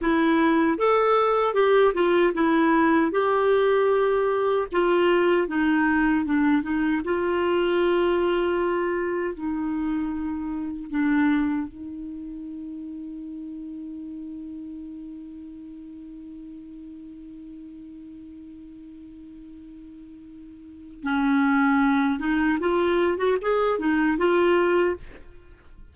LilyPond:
\new Staff \with { instrumentName = "clarinet" } { \time 4/4 \tempo 4 = 77 e'4 a'4 g'8 f'8 e'4 | g'2 f'4 dis'4 | d'8 dis'8 f'2. | dis'2 d'4 dis'4~ |
dis'1~ | dis'1~ | dis'2. cis'4~ | cis'8 dis'8 f'8. fis'16 gis'8 dis'8 f'4 | }